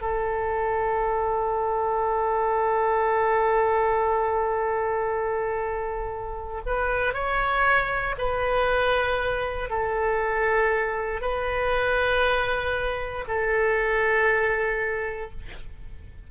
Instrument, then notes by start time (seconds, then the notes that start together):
oboe
0.00 A4
6.66 B4
7.13 C#5
8.17 B4
9.69 A4
11.21 B4
13.27 A4